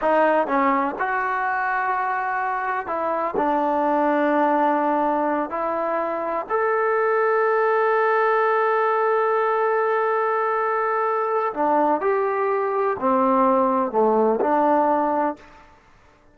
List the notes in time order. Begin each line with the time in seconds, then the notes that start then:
0.01 D#4
0.47 C#4
0.98 F#4
2.86 E4
3.36 D4
5.50 E4
6.49 A4
11.53 D4
12.00 G4
12.99 C4
13.91 A3
14.40 D4